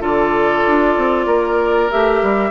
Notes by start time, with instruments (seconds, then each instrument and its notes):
0.00 bassoon D3, clarinet F4, oboe A4, flute D5
0.67 bassoon D4
0.97 bassoon C4
1.26 bassoon A#3, oboe A#4
1.90 bassoon A3, clarinet G4, flute E5
2.22 bassoon G3